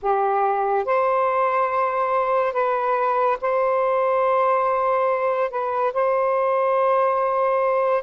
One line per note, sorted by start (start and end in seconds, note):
0.02 0.85 G4
0.85 2.52 C5
2.52 3.37 B4
3.41 5.50 C5
5.50 5.92 B4
5.93 8.03 C5